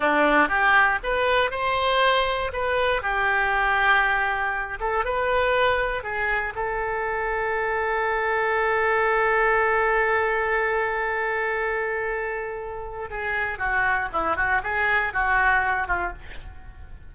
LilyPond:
\new Staff \with { instrumentName = "oboe" } { \time 4/4 \tempo 4 = 119 d'4 g'4 b'4 c''4~ | c''4 b'4 g'2~ | g'4. a'8 b'2 | gis'4 a'2.~ |
a'1~ | a'1~ | a'2 gis'4 fis'4 | e'8 fis'8 gis'4 fis'4. f'8 | }